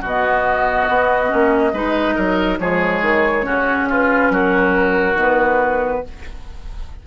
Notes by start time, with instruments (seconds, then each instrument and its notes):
0.00 bassoon B2, clarinet B3, oboe F#4, flute D#5
0.88 bassoon B3
1.28 bassoon A#3, clarinet C#4
1.72 bassoon G#3, clarinet D#4, oboe B4
2.15 bassoon F#3, oboe A#4
2.59 bassoon F3, clarinet G#3, oboe G#4, flute C#5
3.01 bassoon D#3
3.43 bassoon C#3, clarinet C#4, oboe F#4
3.89 oboe F4, flute B4
4.30 bassoon F#3, oboe F#4, flute A#4
5.14 bassoon D#3, clarinet B3
5.21 flute B4